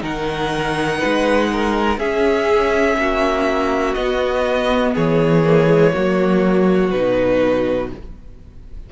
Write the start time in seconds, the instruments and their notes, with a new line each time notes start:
0.00 cello D#3, viola D#4, violin A#4 F#5
0.99 cello G#3, violin B4
1.52 violin A#4
1.97 cello C#4, viola C#4, violin G#4 E5
2.97 cello A#3, violin F#4
3.93 cello B3, viola B3, violin D#5
4.94 cello E3, violin G#4 C#5
5.44 viola A#3
5.66 viola G#3
5.92 cello F#3, viola A#3, violin F#4
6.90 cello B2, viola D#4, violin B4